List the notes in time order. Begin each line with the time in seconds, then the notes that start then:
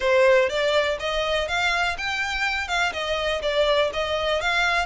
0.00 C5
0.49 D5
0.99 D#5
1.47 F5
1.97 G5
2.67 F5
2.92 D#5
3.42 D5
3.93 D#5
4.41 F5